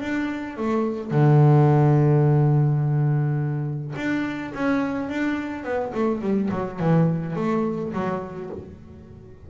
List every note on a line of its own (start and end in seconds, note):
0.00 0.57 D4
0.57 1.11 A3
1.11 3.94 D3
3.96 4.53 D4
4.54 5.09 C#4
5.09 5.63 D4
5.63 5.92 B3
5.94 6.21 A3
6.21 6.49 G3
6.50 6.79 F#3
6.79 7.36 E3
7.36 7.92 A3
7.93 8.49 F#3